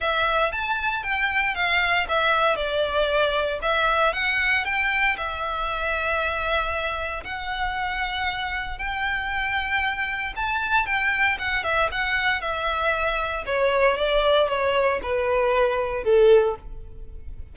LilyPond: \new Staff \with { instrumentName = "violin" } { \time 4/4 \tempo 4 = 116 e''4 a''4 g''4 f''4 | e''4 d''2 e''4 | fis''4 g''4 e''2~ | e''2 fis''2~ |
fis''4 g''2. | a''4 g''4 fis''8 e''8 fis''4 | e''2 cis''4 d''4 | cis''4 b'2 a'4 | }